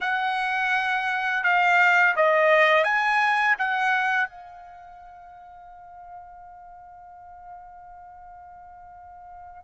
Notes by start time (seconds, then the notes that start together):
0.00 F#5
1.43 F5
2.16 D#5
2.84 G#5
3.58 F#5
4.28 F5